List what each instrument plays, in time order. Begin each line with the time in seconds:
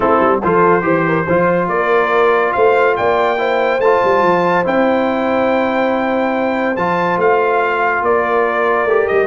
0.00 tuba A3, trombone C4, horn E4, trumpet A4
0.20 tuba G3
0.43 tuba F3, trombone F4, horn A4, trumpet C5
0.82 tuba E3, trombone G4, horn C5
1.07 horn A#4
1.26 tuba F3, trombone F4, horn C5
1.68 tuba A#3, horn A#4, trumpet D5
2.52 tuba A3, horn C5, trumpet F5
2.96 tuba A#3, horn D5, trumpet G5
3.37 trombone E4, horn C5
3.78 tuba A3, trombone F4, trumpet A5
4.04 tuba G3
4.22 tuba F3
4.64 tuba C4, trombone E4, trumpet G5
6.76 tuba F3, trombone F4, trumpet A5
7.17 tuba A3, trumpet F5
8.01 tuba A#3, horn A#4, trumpet D5
8.85 tuba A3, trombone G4
9.07 tuba G3, trumpet D#5